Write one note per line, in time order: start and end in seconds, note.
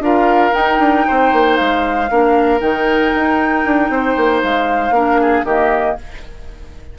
0.00 0.52 D4
0.00 0.52 F4
0.00 1.07 A#4
0.00 0.54 F5
0.52 2.07 D#4
0.52 0.79 D#4
0.52 1.57 G5
0.79 1.05 D4
1.07 1.33 C4
1.07 2.11 C5
1.33 1.59 A#3
1.57 2.11 G#3
1.57 2.60 F5
2.11 2.61 A#3
2.11 2.60 D4
2.11 3.91 A#4
2.60 3.13 D#3
2.60 4.93 D#4
2.60 4.42 G5
3.16 3.66 D#4
3.66 3.90 D4
3.90 4.16 C4
3.90 4.95 C5
4.17 4.43 A#3
4.43 4.91 G#3
4.43 5.47 F5
4.91 5.43 A#3
4.91 5.47 D4
4.91 5.21 A#4
5.21 5.46 G#4
5.44 5.96 D#3
5.44 5.98 A#3
5.44 5.97 G4
5.44 5.99 D#5